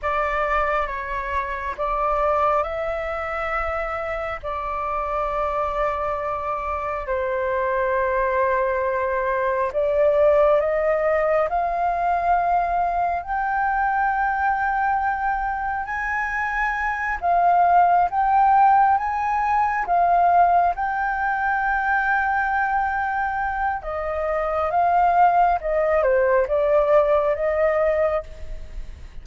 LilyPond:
\new Staff \with { instrumentName = "flute" } { \time 4/4 \tempo 4 = 68 d''4 cis''4 d''4 e''4~ | e''4 d''2. | c''2. d''4 | dis''4 f''2 g''4~ |
g''2 gis''4. f''8~ | f''8 g''4 gis''4 f''4 g''8~ | g''2. dis''4 | f''4 dis''8 c''8 d''4 dis''4 | }